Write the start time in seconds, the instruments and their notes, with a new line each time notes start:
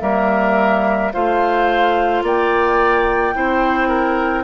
0.00 bassoon G3, clarinet A#3, oboe A#4, flute E5
1.13 bassoon A3, clarinet F4, oboe C5, flute F5
2.23 bassoon A#3, oboe D5, flute G5
3.34 bassoon C4, clarinet E4, oboe C5
3.88 oboe A#4